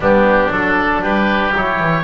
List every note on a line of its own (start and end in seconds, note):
0.00 0.49 G3
0.00 0.51 B3
0.00 1.01 D4
0.00 0.51 G4
0.51 1.02 F#3
0.51 1.53 D4
0.51 1.03 A4
1.01 1.53 G3
1.01 2.03 G4
1.01 1.54 B4
1.55 1.79 F#3
1.55 2.03 E4
1.55 2.03 C#5
1.79 2.03 E3